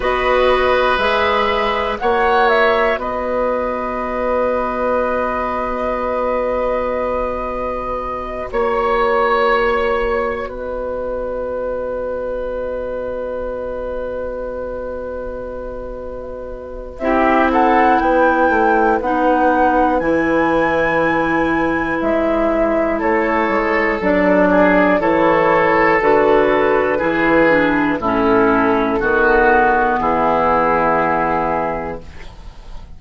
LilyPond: <<
  \new Staff \with { instrumentName = "flute" } { \time 4/4 \tempo 4 = 60 dis''4 e''4 fis''8 e''8 dis''4~ | dis''1~ | dis''8 cis''2 dis''4.~ | dis''1~ |
dis''4 e''8 fis''8 g''4 fis''4 | gis''2 e''4 cis''4 | d''4 cis''4 b'2 | a'2 gis'2 | }
  \new Staff \with { instrumentName = "oboe" } { \time 4/4 b'2 cis''4 b'4~ | b'1~ | b'8 cis''2 b'4.~ | b'1~ |
b'4 g'8 a'8 b'2~ | b'2. a'4~ | a'8 gis'8 a'2 gis'4 | e'4 fis'4 e'2 | }
  \new Staff \with { instrumentName = "clarinet" } { \time 4/4 fis'4 gis'4 fis'2~ | fis'1~ | fis'1~ | fis'1~ |
fis'4 e'2 dis'4 | e'1 | d'4 e'4 fis'4 e'8 d'8 | cis'4 b2. | }
  \new Staff \with { instrumentName = "bassoon" } { \time 4/4 b4 gis4 ais4 b4~ | b1~ | b8 ais2 b4.~ | b1~ |
b4 c'4 b8 a8 b4 | e2 gis4 a8 gis8 | fis4 e4 d4 e4 | a,4 dis4 e2 | }
>>